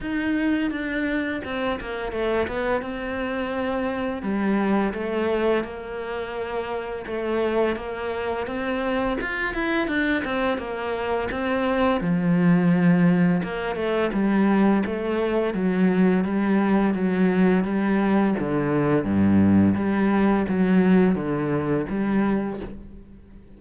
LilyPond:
\new Staff \with { instrumentName = "cello" } { \time 4/4 \tempo 4 = 85 dis'4 d'4 c'8 ais8 a8 b8 | c'2 g4 a4 | ais2 a4 ais4 | c'4 f'8 e'8 d'8 c'8 ais4 |
c'4 f2 ais8 a8 | g4 a4 fis4 g4 | fis4 g4 d4 g,4 | g4 fis4 d4 g4 | }